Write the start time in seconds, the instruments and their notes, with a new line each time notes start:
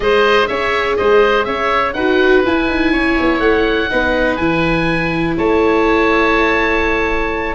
0.00 tuba G#3, viola G#4, oboe C5 D#5
0.47 tuba C#4, oboe C#5 E5
0.97 tuba G#3, oboe C5 D#5
1.44 tuba C#4, oboe C#5 E5
1.93 tuba D#4, viola F#4, oboe B4 F#5
2.45 tuba E4, viola E4, oboe G#5
2.68 tuba D#4
2.92 tuba C#4, oboe C#5
3.20 tuba B3
3.39 tuba A3, oboe F#5
3.89 tuba B3, viola D#4, oboe B4
4.36 tuba E3, viola E4, oboe G#5
5.37 tuba A3, oboe C#5 A5